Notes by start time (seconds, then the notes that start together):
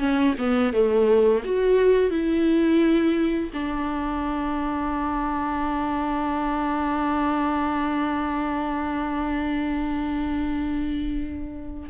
0.00 C#4
0.39 B3
0.74 A3
1.45 F#4
2.11 E4
3.54 D4